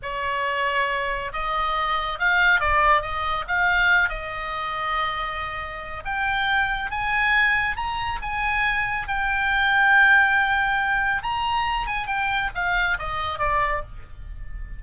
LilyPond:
\new Staff \with { instrumentName = "oboe" } { \time 4/4 \tempo 4 = 139 cis''2. dis''4~ | dis''4 f''4 d''4 dis''4 | f''4. dis''2~ dis''8~ | dis''2 g''2 |
gis''2 ais''4 gis''4~ | gis''4 g''2.~ | g''2 ais''4. gis''8 | g''4 f''4 dis''4 d''4 | }